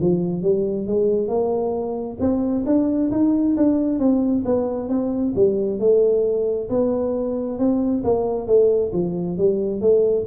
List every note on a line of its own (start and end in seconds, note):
0.00 0.42 F3
0.42 0.87 G3
0.87 1.28 G#3
1.28 2.17 A#3
2.20 2.65 C4
2.66 3.11 D4
3.11 3.56 D#4
3.57 3.99 D4
3.99 4.44 C4
4.45 4.89 B3
4.89 5.34 C4
5.35 5.79 G3
5.79 6.69 A3
6.69 7.59 B3
7.59 8.04 C4
8.04 8.47 A#3
8.47 8.91 A3
8.93 9.38 F3
9.38 9.81 G3
9.81 10.26 A3